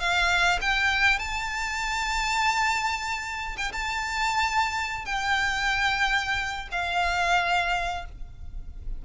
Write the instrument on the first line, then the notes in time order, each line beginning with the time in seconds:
violin
0.00 F5
0.62 G5
1.19 A5
3.57 G5
3.73 A5
5.05 G5
6.72 F5